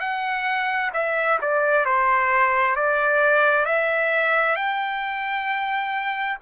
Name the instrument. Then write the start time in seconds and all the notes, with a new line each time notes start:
trumpet
0.00 F#5
0.93 E5
1.41 D5
1.85 C5
2.76 D5
3.65 E5
4.55 G5